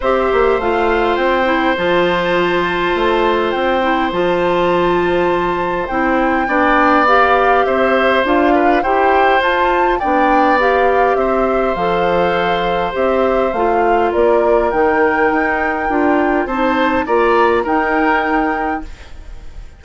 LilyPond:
<<
  \new Staff \with { instrumentName = "flute" } { \time 4/4 \tempo 4 = 102 e''4 f''4 g''4 a''4~ | a''2 g''4 a''4~ | a''2 g''2 | f''4 e''4 f''4 g''4 |
a''4 g''4 f''4 e''4 | f''2 e''4 f''4 | d''4 g''2. | a''4 ais''4 g''2 | }
  \new Staff \with { instrumentName = "oboe" } { \time 4/4 c''1~ | c''1~ | c''2. d''4~ | d''4 c''4. b'8 c''4~ |
c''4 d''2 c''4~ | c''1 | ais'1 | c''4 d''4 ais'2 | }
  \new Staff \with { instrumentName = "clarinet" } { \time 4/4 g'4 f'4. e'8 f'4~ | f'2~ f'8 e'8 f'4~ | f'2 e'4 d'4 | g'2 f'4 g'4 |
f'4 d'4 g'2 | a'2 g'4 f'4~ | f'4 dis'2 f'4 | dis'4 f'4 dis'2 | }
  \new Staff \with { instrumentName = "bassoon" } { \time 4/4 c'8 ais8 a4 c'4 f4~ | f4 a4 c'4 f4~ | f2 c'4 b4~ | b4 c'4 d'4 e'4 |
f'4 b2 c'4 | f2 c'4 a4 | ais4 dis4 dis'4 d'4 | c'4 ais4 dis'2 | }
>>